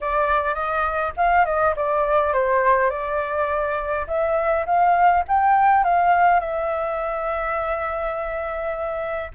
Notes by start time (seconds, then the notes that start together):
0.00 D5
0.54 D#5
1.17 F5
1.45 D#5
1.76 D5
2.33 C5
2.90 D5
4.07 E5
4.65 F5
5.28 G5
5.84 F5
6.40 E5